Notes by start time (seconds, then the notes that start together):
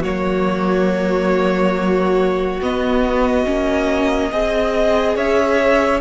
0.00 F#3 A#3 F#4 C#5
2.61 B3 D#5
3.45 A#3 C#4
4.32 C4 G#4 D#5
5.16 C#4 C#5 E5